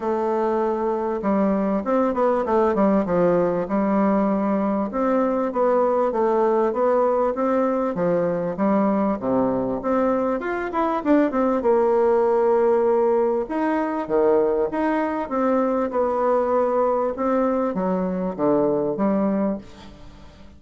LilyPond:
\new Staff \with { instrumentName = "bassoon" } { \time 4/4 \tempo 4 = 98 a2 g4 c'8 b8 | a8 g8 f4 g2 | c'4 b4 a4 b4 | c'4 f4 g4 c4 |
c'4 f'8 e'8 d'8 c'8 ais4~ | ais2 dis'4 dis4 | dis'4 c'4 b2 | c'4 fis4 d4 g4 | }